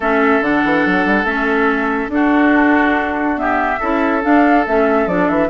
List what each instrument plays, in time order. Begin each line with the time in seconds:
0.00 bassoon A3, clarinet C#4, oboe A4, flute E5
0.41 bassoon D3, clarinet D4, flute F#5
0.64 bassoon E3
0.85 bassoon F#3
1.05 bassoon G3
1.23 bassoon A3, clarinet C#4, flute E5
2.07 bassoon D4, clarinet D4, flute A4
2.14 oboe F#4
3.36 clarinet B3, oboe G4, flute E5
3.79 bassoon C#4, clarinet E4, oboe A4
4.22 clarinet D4, bassoon D4, flute F5
4.66 bassoon A3, clarinet C#4, flute E5
5.06 bassoon F3, clarinet D4, flute D5
5.28 bassoon E3, flute E5